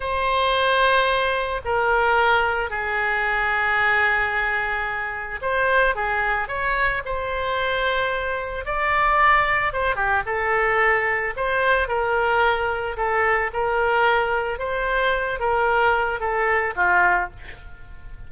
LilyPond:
\new Staff \with { instrumentName = "oboe" } { \time 4/4 \tempo 4 = 111 c''2. ais'4~ | ais'4 gis'2.~ | gis'2 c''4 gis'4 | cis''4 c''2. |
d''2 c''8 g'8 a'4~ | a'4 c''4 ais'2 | a'4 ais'2 c''4~ | c''8 ais'4. a'4 f'4 | }